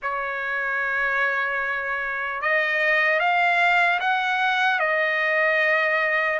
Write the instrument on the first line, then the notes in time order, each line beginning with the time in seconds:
trumpet
0.02 C#5
2.41 D#5
3.19 F5
4.00 F#5
4.79 D#5